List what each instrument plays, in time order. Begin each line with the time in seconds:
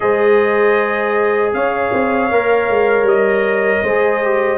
0.00 tuba G#3, trombone G#4, horn C5, trumpet D#5
1.53 tuba C#4, horn C#5, trumpet F5
1.92 tuba C4
2.30 tuba A#3, trombone A#4
2.69 tuba G#3
3.03 tuba G3, trumpet D#5
3.83 tuba G#3, trombone G#4, horn C5
4.23 trombone G4